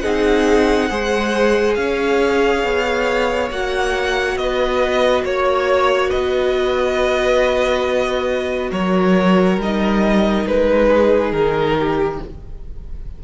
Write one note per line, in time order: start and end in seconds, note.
0.00 0.90 C4
0.00 0.89 D#4
0.00 0.89 G#4
0.00 1.74 F#5
0.89 1.77 G#3
0.89 3.50 G#4
0.89 1.76 C5
1.75 2.63 C#4
1.75 4.39 C#5
1.75 3.49 F5
2.63 3.50 B3
3.50 4.37 A#3
3.50 9.60 F#4
3.50 4.37 F#5
4.37 5.24 B3
4.37 5.25 B4
4.37 5.24 D#5
5.24 6.11 A#3
5.24 6.09 C#5
5.24 6.10 C#5
6.09 8.71 B3
6.09 8.70 B4
6.09 8.71 D#5
8.71 9.58 F#3
8.71 10.88 A#4
8.71 9.59 C#5
9.58 10.45 G3
9.58 12.24 D#4
9.58 10.47 D#5
10.46 11.32 G#3
10.46 11.32 B4
10.88 11.75 G#4
11.32 12.19 D#3
11.32 12.19 A#4
11.79 12.23 G4